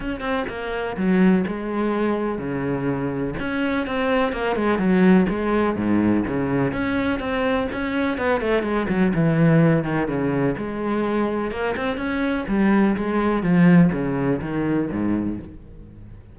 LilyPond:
\new Staff \with { instrumentName = "cello" } { \time 4/4 \tempo 4 = 125 cis'8 c'8 ais4 fis4 gis4~ | gis4 cis2 cis'4 | c'4 ais8 gis8 fis4 gis4 | gis,4 cis4 cis'4 c'4 |
cis'4 b8 a8 gis8 fis8 e4~ | e8 dis8 cis4 gis2 | ais8 c'8 cis'4 g4 gis4 | f4 cis4 dis4 gis,4 | }